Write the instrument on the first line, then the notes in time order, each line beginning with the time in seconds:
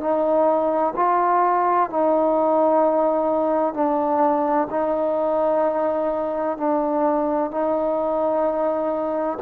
trombone
0.00 D#4
0.96 F4
1.90 D#4
3.74 D4
4.70 D#4
6.58 D4
7.51 D#4